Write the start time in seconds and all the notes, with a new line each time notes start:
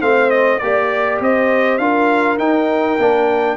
0.00 A3 C4 C5 F5
0.30 D#5
0.59 A#3 G4 D5
1.20 C4 C5 D#5
1.78 D4 F4 A#4 F5
2.38 D#4 G5
2.99 A#3 D4